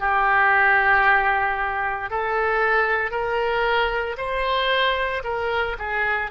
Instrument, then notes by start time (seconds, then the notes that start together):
oboe
0.00 G4
2.10 A4
3.11 A#4
4.17 C5
5.24 A#4
5.78 G#4